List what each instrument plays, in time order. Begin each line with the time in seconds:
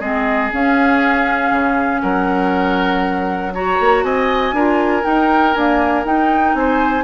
0.00 bassoon G#3, clarinet C4, oboe G#4, flute D#5
0.52 clarinet C#4, bassoon C#4, flute F5
1.51 bassoon C#3
2.01 bassoon F#3, oboe A#4, flute F#5
3.53 clarinet F#4, oboe C#5, flute A#5
3.80 bassoon A#3
4.03 bassoon C4, oboe D#5, flute G#5
4.52 bassoon D4, clarinet F4, oboe A#4
5.03 clarinet D#4, bassoon D#4, flute G5
5.54 clarinet A#3, bassoon D4, flute G#5
6.05 bassoon D#4, clarinet D#4, flute G5
6.54 bassoon C4, oboe C5, flute G#5